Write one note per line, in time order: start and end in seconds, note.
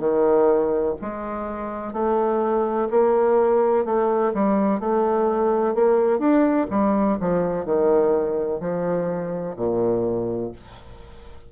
0.00 0.95 D#3
1.02 1.94 G#3
1.94 2.89 A3
2.91 3.85 A#3
3.85 4.33 A3
4.35 4.81 G3
4.81 5.75 A3
5.75 6.19 A#3
6.19 6.67 D4
6.71 7.18 G3
7.21 7.66 F3
7.66 8.61 D#3
8.61 9.56 F3
9.57 10.52 A#2